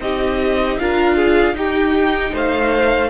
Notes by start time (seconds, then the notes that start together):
0.00 C4 D#4 G4 D#5
0.78 D4 F4 A#4 F5
1.16 G#4
1.54 D#4 G4 G5
2.32 A3 C5 F5